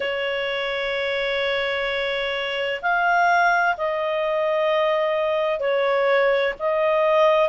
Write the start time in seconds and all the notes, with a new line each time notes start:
0.00 C#5
2.82 F5
3.77 D#5
5.60 C#5
6.59 D#5